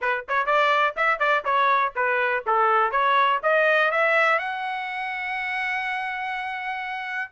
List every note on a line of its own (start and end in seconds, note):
0.01 0.25 B4
0.28 0.46 C#5
0.46 0.94 D5
0.96 1.19 E5
1.19 1.43 D5
1.44 1.93 C#5
1.95 2.44 B4
2.46 2.91 A4
2.91 3.40 C#5
3.42 3.91 D#5
3.91 4.38 E5
4.38 7.31 F#5